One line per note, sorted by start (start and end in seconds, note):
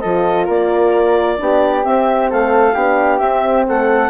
0.00 0.49 F3
0.00 1.37 F4
0.00 0.45 A4
0.00 0.45 D#5
0.45 1.40 A#3
0.45 1.36 A#4
0.45 1.84 D5
1.37 1.86 B3
1.37 1.82 D4
1.37 2.31 G4
1.82 2.73 C4
1.82 2.31 C4
1.82 2.30 E5
2.31 2.75 A3
2.31 2.75 A4
2.31 3.19 F5
2.75 3.21 B3
2.75 3.21 D4
2.75 3.66 G4
3.19 3.66 C4
3.19 4.10 C4
3.19 3.64 E5
3.69 4.10 A3
3.69 4.10 A4
3.69 4.10 F#5